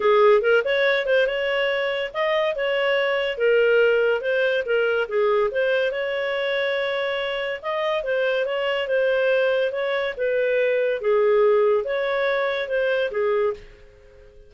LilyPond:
\new Staff \with { instrumentName = "clarinet" } { \time 4/4 \tempo 4 = 142 gis'4 ais'8 cis''4 c''8 cis''4~ | cis''4 dis''4 cis''2 | ais'2 c''4 ais'4 | gis'4 c''4 cis''2~ |
cis''2 dis''4 c''4 | cis''4 c''2 cis''4 | b'2 gis'2 | cis''2 c''4 gis'4 | }